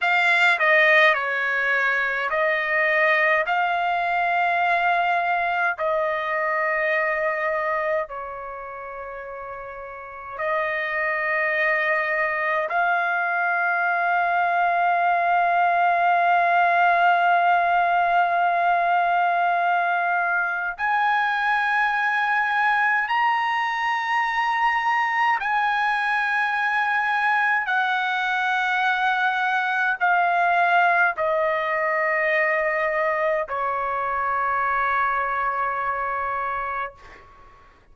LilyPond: \new Staff \with { instrumentName = "trumpet" } { \time 4/4 \tempo 4 = 52 f''8 dis''8 cis''4 dis''4 f''4~ | f''4 dis''2 cis''4~ | cis''4 dis''2 f''4~ | f''1~ |
f''2 gis''2 | ais''2 gis''2 | fis''2 f''4 dis''4~ | dis''4 cis''2. | }